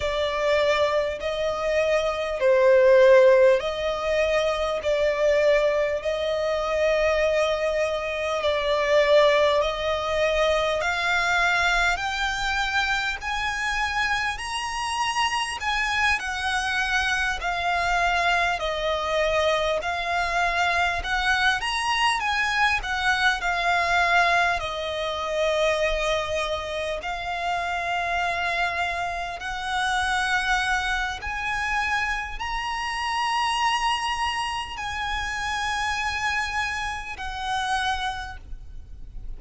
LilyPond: \new Staff \with { instrumentName = "violin" } { \time 4/4 \tempo 4 = 50 d''4 dis''4 c''4 dis''4 | d''4 dis''2 d''4 | dis''4 f''4 g''4 gis''4 | ais''4 gis''8 fis''4 f''4 dis''8~ |
dis''8 f''4 fis''8 ais''8 gis''8 fis''8 f''8~ | f''8 dis''2 f''4.~ | f''8 fis''4. gis''4 ais''4~ | ais''4 gis''2 fis''4 | }